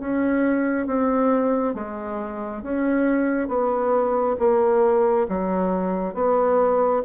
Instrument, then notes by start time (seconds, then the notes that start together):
bassoon
0.00 C#4
0.87 C4
1.74 G#3
2.63 C#4
3.48 B3
4.39 A#3
5.29 F#3
6.14 B3